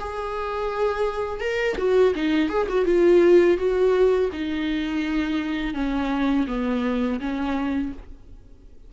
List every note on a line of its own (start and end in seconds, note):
0.00 1.41 G#4
1.41 1.77 A#4
1.78 2.14 F#4
2.16 2.49 D#4
2.49 2.67 G#4
2.69 2.86 F#4
2.86 3.58 F4
3.58 4.30 F#4
4.33 5.74 D#4
5.74 6.47 C#4
6.48 7.20 B3
7.20 7.93 C#4